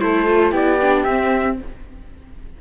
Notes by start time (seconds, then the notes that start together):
0.00 A3 E4 A4 C5
0.26 F4
0.52 B3 E4 G4 D5
0.82 D4
1.04 C4 E5